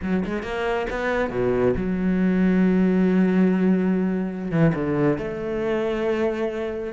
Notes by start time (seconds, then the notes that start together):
0.02 F#3
0.25 G#3
0.42 A#3
0.90 B3
1.30 B2
1.76 F#3
4.51 E3
4.74 D3
5.17 A3